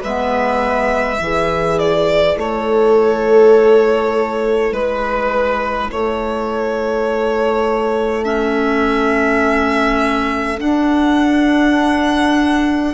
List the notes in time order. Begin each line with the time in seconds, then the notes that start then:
0.00 G#3 B3 B4 E5
1.19 E3 E4 G#4
1.78 D5
2.36 A3 A4 C#5
4.71 G#3 B4
5.90 A3 A4 C#5
8.24 C#4 E5
10.59 D4 F#5